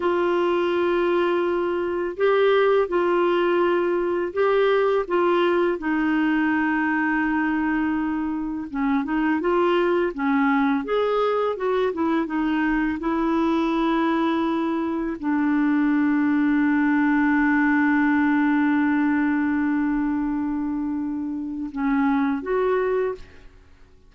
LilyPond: \new Staff \with { instrumentName = "clarinet" } { \time 4/4 \tempo 4 = 83 f'2. g'4 | f'2 g'4 f'4 | dis'1 | cis'8 dis'8 f'4 cis'4 gis'4 |
fis'8 e'8 dis'4 e'2~ | e'4 d'2.~ | d'1~ | d'2 cis'4 fis'4 | }